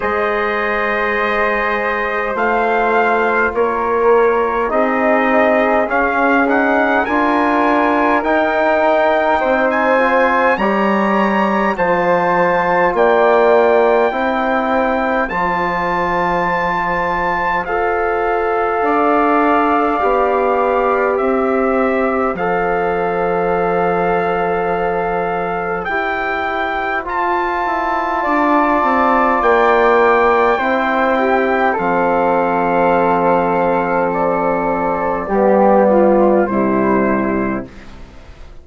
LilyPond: <<
  \new Staff \with { instrumentName = "trumpet" } { \time 4/4 \tempo 4 = 51 dis''2 f''4 cis''4 | dis''4 f''8 fis''8 gis''4 g''4~ | g''16 gis''8. ais''4 a''4 g''4~ | g''4 a''2 f''4~ |
f''2 e''4 f''4~ | f''2 g''4 a''4~ | a''4 g''2 f''4~ | f''4 d''2 c''4 | }
  \new Staff \with { instrumentName = "flute" } { \time 4/4 c''2. ais'4 | gis'2 ais'2 | c''4 cis''4 c''4 d''4 | c''1 |
d''2 c''2~ | c''1 | d''2 c''8 g'8 a'4~ | a'2 g'8 f'8 e'4 | }
  \new Staff \with { instrumentName = "trombone" } { \time 4/4 gis'2 f'2 | dis'4 cis'8 dis'8 f'4 dis'4~ | dis'8 f'8 g'4 f'2 | e'4 f'2 a'4~ |
a'4 g'2 a'4~ | a'2 g'4 f'4~ | f'2 e'4 c'4~ | c'2 b4 g4 | }
  \new Staff \with { instrumentName = "bassoon" } { \time 4/4 gis2 a4 ais4 | c'4 cis'4 d'4 dis'4 | c'4 g4 f4 ais4 | c'4 f2 f'4 |
d'4 b4 c'4 f4~ | f2 e'4 f'8 e'8 | d'8 c'8 ais4 c'4 f4~ | f2 g4 c4 | }
>>